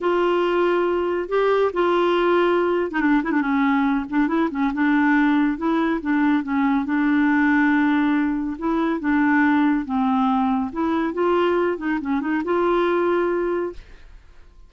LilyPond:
\new Staff \with { instrumentName = "clarinet" } { \time 4/4 \tempo 4 = 140 f'2. g'4 | f'2~ f'8. dis'16 d'8 e'16 d'16 | cis'4. d'8 e'8 cis'8 d'4~ | d'4 e'4 d'4 cis'4 |
d'1 | e'4 d'2 c'4~ | c'4 e'4 f'4. dis'8 | cis'8 dis'8 f'2. | }